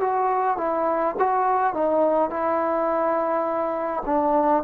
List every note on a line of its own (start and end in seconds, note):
0.00 0.57 F#4
0.57 1.15 E4
1.19 1.74 F#4
1.74 2.30 D#4
2.30 4.03 E4
4.05 4.63 D4